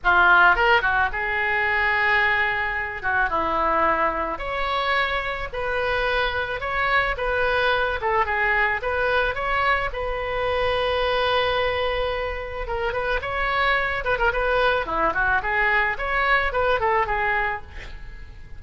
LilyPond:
\new Staff \with { instrumentName = "oboe" } { \time 4/4 \tempo 4 = 109 f'4 ais'8 fis'8 gis'2~ | gis'4. fis'8 e'2 | cis''2 b'2 | cis''4 b'4. a'8 gis'4 |
b'4 cis''4 b'2~ | b'2. ais'8 b'8 | cis''4. b'16 ais'16 b'4 e'8 fis'8 | gis'4 cis''4 b'8 a'8 gis'4 | }